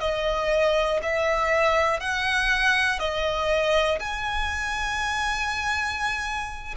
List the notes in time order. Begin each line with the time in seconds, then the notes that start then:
0.00 D#5
1.03 E5
2.00 F#5
3.00 D#5
4.00 G#5